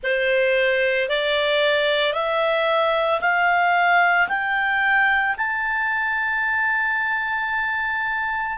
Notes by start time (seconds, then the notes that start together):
0.03 C5
1.09 D5
2.13 E5
3.20 F5
4.28 G5
5.37 A5